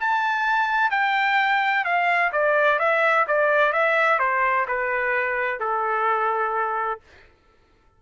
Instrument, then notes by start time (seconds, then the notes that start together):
trumpet
0.00 A5
0.91 G5
1.85 F5
2.32 D5
2.79 E5
3.28 D5
3.73 E5
4.19 C5
4.68 B4
5.60 A4